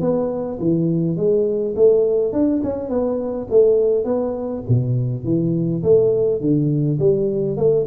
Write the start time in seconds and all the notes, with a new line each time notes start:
0.00 B3
0.59 E3
1.16 G#3
1.75 A3
2.32 D4
2.63 C#4
2.89 B3
3.50 A3
4.04 B3
4.68 B2
5.24 E3
5.82 A3
6.40 D3
6.98 G3
7.56 A3